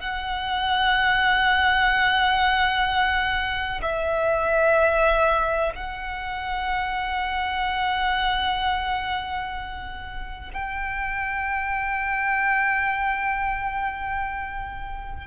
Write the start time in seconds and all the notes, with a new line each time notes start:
0.00 F#5
3.82 E5
5.75 F#5
10.53 G5